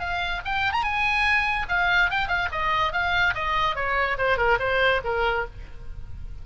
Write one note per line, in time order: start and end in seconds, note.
0.00 0.42 F5
0.45 0.73 G5
0.73 0.83 A#5
0.83 1.67 G#5
1.69 2.11 F5
2.11 2.28 G5
2.28 2.49 F5
2.52 2.93 D#5
2.93 3.34 F5
3.35 3.76 D#5
3.76 4.17 C#5
4.18 4.38 C5
4.38 4.59 A#4
4.60 5.01 C5
5.05 5.46 A#4